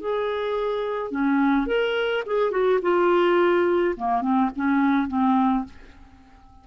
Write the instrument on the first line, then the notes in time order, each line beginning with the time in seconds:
clarinet
0.00 G#4
1.11 C#4
1.66 A#4
2.26 G#4
2.51 F#4
2.81 F4
3.96 A#3
4.21 C4
4.56 C#4
5.08 C4